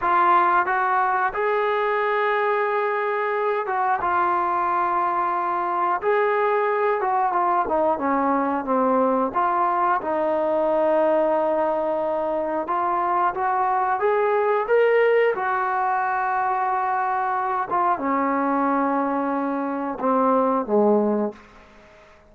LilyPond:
\new Staff \with { instrumentName = "trombone" } { \time 4/4 \tempo 4 = 90 f'4 fis'4 gis'2~ | gis'4. fis'8 f'2~ | f'4 gis'4. fis'8 f'8 dis'8 | cis'4 c'4 f'4 dis'4~ |
dis'2. f'4 | fis'4 gis'4 ais'4 fis'4~ | fis'2~ fis'8 f'8 cis'4~ | cis'2 c'4 gis4 | }